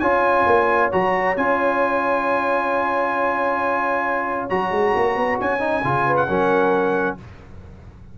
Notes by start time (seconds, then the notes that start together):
0.00 C#4 F4 C#5 G#5
0.46 A#3
0.92 F#3 F#4 A#5
1.37 C#4 F4 G#5
4.50 F#3 F#4 A#5
4.71 G#3
4.96 A#3
5.16 B3
5.40 C#4 G#5
5.60 D#4
5.84 C#3 F4
6.06 B4
6.16 F#5
6.28 F#3 C#4 A#4